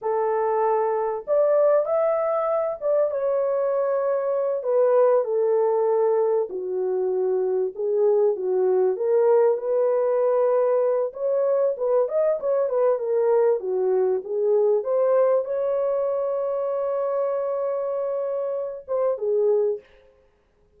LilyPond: \new Staff \with { instrumentName = "horn" } { \time 4/4 \tempo 4 = 97 a'2 d''4 e''4~ | e''8 d''8 cis''2~ cis''8 b'8~ | b'8 a'2 fis'4.~ | fis'8 gis'4 fis'4 ais'4 b'8~ |
b'2 cis''4 b'8 dis''8 | cis''8 b'8 ais'4 fis'4 gis'4 | c''4 cis''2.~ | cis''2~ cis''8 c''8 gis'4 | }